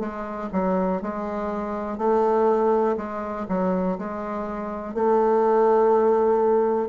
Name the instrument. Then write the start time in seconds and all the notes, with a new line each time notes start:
bassoon
0.00 G#3
0.53 F#3
1.02 G#3
1.98 A3
2.97 G#3
3.49 F#3
3.98 G#3
4.94 A3